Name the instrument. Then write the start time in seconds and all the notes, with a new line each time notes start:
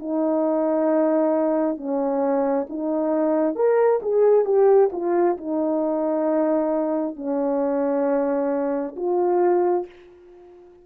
horn
0.00 D#4
1.77 C#4
2.69 D#4
3.56 A#4
4.03 G#4
4.45 G4
4.93 F4
5.38 D#4
7.17 C#4
8.96 F4